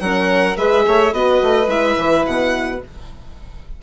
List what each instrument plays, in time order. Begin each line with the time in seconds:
0.00 bassoon F#3, horn C#4, violin A#4 F#5
0.57 bassoon G#3, horn G#4, violin B4 E5
0.87 bassoon A3, violin C#5
1.12 bassoon B3, horn F#4, violin B4 D#5
1.43 bassoon A3
1.67 bassoon G#3, horn E4, violin E5
1.98 bassoon E3
2.26 bassoon B2, violin F#5